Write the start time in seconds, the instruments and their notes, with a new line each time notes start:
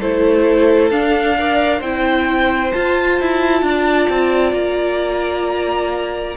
0.00 cello A3, viola E4, violin A4 C5
0.91 cello D4, viola D4, violin F5
1.38 viola A#4, violin D5
1.78 cello C4, viola E4, violin C5 G5
2.72 viola F4, cello F4, violin A5
3.21 cello E4
3.62 cello D4, violin D5
4.09 cello C4
4.53 cello A#3, violin A#5